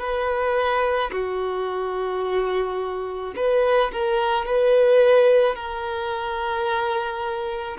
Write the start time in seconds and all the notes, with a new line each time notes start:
0.00 B4
1.12 F#4
3.36 B4
3.92 A#4
4.46 B4
5.56 A#4